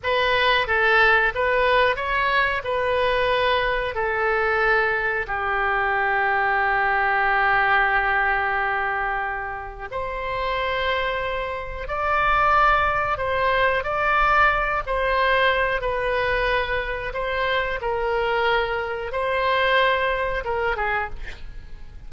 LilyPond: \new Staff \with { instrumentName = "oboe" } { \time 4/4 \tempo 4 = 91 b'4 a'4 b'4 cis''4 | b'2 a'2 | g'1~ | g'2. c''4~ |
c''2 d''2 | c''4 d''4. c''4. | b'2 c''4 ais'4~ | ais'4 c''2 ais'8 gis'8 | }